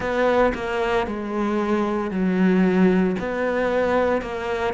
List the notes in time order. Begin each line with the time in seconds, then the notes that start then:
0.00 B3
0.54 A#3
1.06 G#3
2.11 F#3
3.19 B3
4.21 A#3